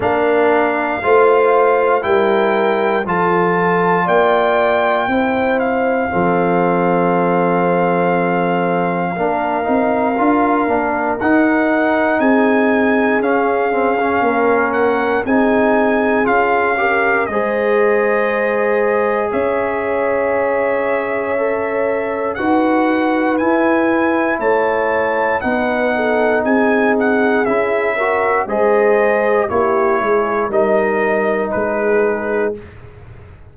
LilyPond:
<<
  \new Staff \with { instrumentName = "trumpet" } { \time 4/4 \tempo 4 = 59 f''2 g''4 a''4 | g''4. f''2~ f''8~ | f''2. fis''4 | gis''4 f''4. fis''8 gis''4 |
f''4 dis''2 e''4~ | e''2 fis''4 gis''4 | a''4 fis''4 gis''8 fis''8 e''4 | dis''4 cis''4 dis''4 b'4 | }
  \new Staff \with { instrumentName = "horn" } { \time 4/4 ais'4 c''4 ais'4 a'4 | d''4 c''4 a'2~ | a'4 ais'2. | gis'2 ais'4 gis'4~ |
gis'8 ais'8 c''2 cis''4~ | cis''2 b'2 | cis''4 b'8 a'8 gis'4. ais'8 | c''4 g'8 gis'8 ais'4 gis'4 | }
  \new Staff \with { instrumentName = "trombone" } { \time 4/4 d'4 f'4 e'4 f'4~ | f'4 e'4 c'2~ | c'4 d'8 dis'8 f'8 d'8 dis'4~ | dis'4 cis'8 c'16 cis'4~ cis'16 dis'4 |
f'8 g'8 gis'2.~ | gis'4 a'4 fis'4 e'4~ | e'4 dis'2 e'8 fis'8 | gis'4 e'4 dis'2 | }
  \new Staff \with { instrumentName = "tuba" } { \time 4/4 ais4 a4 g4 f4 | ais4 c'4 f2~ | f4 ais8 c'8 d'8 ais8 dis'4 | c'4 cis'4 ais4 c'4 |
cis'4 gis2 cis'4~ | cis'2 dis'4 e'4 | a4 b4 c'4 cis'4 | gis4 ais8 gis8 g4 gis4 | }
>>